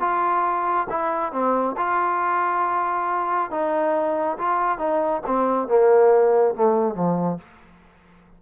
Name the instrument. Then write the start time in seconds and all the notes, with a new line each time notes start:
trombone
0.00 F4
0.90 E4
1.32 C4
1.77 F4
3.51 D#4
4.38 F4
4.78 D#4
5.26 C4
5.68 A#3
6.55 A3
6.94 F3